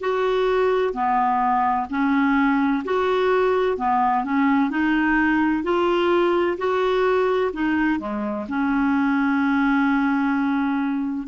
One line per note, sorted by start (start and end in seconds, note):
0.00 0.93 F#4
0.93 1.87 B3
1.90 2.83 C#4
2.84 3.77 F#4
3.77 4.24 B3
4.24 4.70 C#4
4.70 5.63 D#4
5.63 6.57 F4
6.58 7.51 F#4
7.53 7.99 D#4
7.99 8.46 G#3
8.48 11.28 C#4